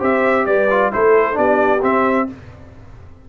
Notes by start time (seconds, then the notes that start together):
0.00 C4 G4 C5 E5
0.46 G3 B4 D5
0.71 F4
0.93 A3 E4 A4 C5
1.33 B3 D4 G4 D5
1.82 C4 E5